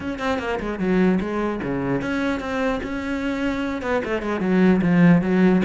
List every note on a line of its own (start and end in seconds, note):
0.00 0.18 C#4
0.18 0.39 C4
0.39 0.59 A#3
0.60 0.79 G#3
0.79 1.19 F#3
1.20 1.60 G#3
1.62 2.01 C#3
2.01 2.40 C#4
2.40 2.80 C4
2.83 3.82 C#4
3.82 4.02 B3
4.04 4.22 A3
4.22 4.40 G#3
4.40 4.80 F#3
4.81 5.21 F3
5.21 5.61 F#3